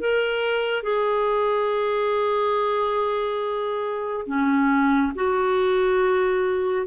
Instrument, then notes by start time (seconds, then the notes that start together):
clarinet
0.00 A#4
0.83 G#4
4.27 C#4
5.15 F#4